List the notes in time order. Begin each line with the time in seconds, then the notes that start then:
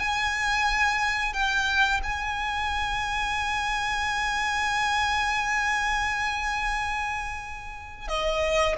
0.00 G#5
1.34 G5
2.04 G#5
8.08 D#5